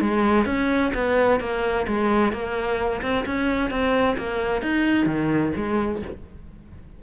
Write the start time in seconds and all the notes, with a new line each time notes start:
0.00 G#3
0.46 C#4
0.94 B3
1.40 A#3
1.87 G#3
2.32 A#3
3.01 C4
3.26 C#4
3.70 C4
4.17 A#3
4.62 D#4
5.06 D#3
5.56 G#3